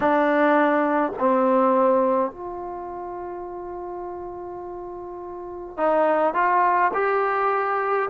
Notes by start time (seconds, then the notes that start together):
0.00 D4
1.19 C4
2.31 F4
5.77 D#4
6.34 F4
6.93 G4